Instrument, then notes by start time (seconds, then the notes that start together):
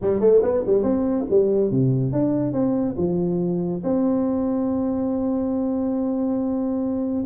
tuba
0.01 G3
0.20 A3
0.42 B3
0.66 G3
0.83 C4
1.30 G3
1.70 C3
2.12 D4
2.53 C4
2.97 F3
3.83 C4